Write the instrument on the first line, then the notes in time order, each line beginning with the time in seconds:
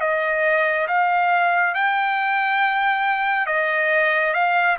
trumpet
0.00 D#5
0.87 F5
1.74 G5
3.46 D#5
4.33 F5